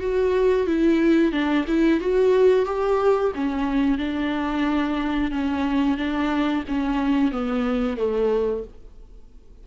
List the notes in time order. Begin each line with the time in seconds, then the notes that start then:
0.00 F#4
0.67 E4
1.32 D4
1.68 E4
2.01 F#4
2.65 G4
3.35 C#4
3.98 D4
5.31 C#4
5.97 D4
6.68 C#4
7.32 B3
7.97 A3